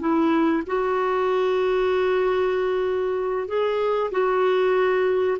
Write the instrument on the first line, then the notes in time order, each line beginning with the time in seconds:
clarinet
0.00 E4
0.67 F#4
3.48 G#4
4.12 F#4